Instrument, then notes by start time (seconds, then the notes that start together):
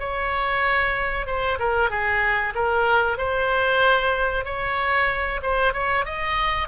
oboe
0.00 C#5
1.26 C5
1.59 A#4
1.90 G#4
2.55 A#4
3.18 C5
4.45 C#5
5.42 C5
5.73 C#5
6.05 D#5